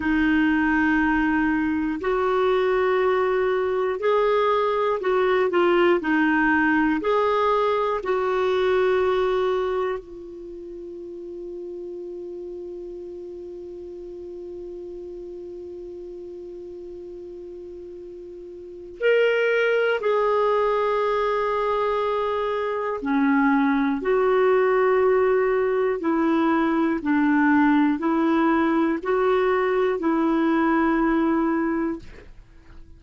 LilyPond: \new Staff \with { instrumentName = "clarinet" } { \time 4/4 \tempo 4 = 60 dis'2 fis'2 | gis'4 fis'8 f'8 dis'4 gis'4 | fis'2 f'2~ | f'1~ |
f'2. ais'4 | gis'2. cis'4 | fis'2 e'4 d'4 | e'4 fis'4 e'2 | }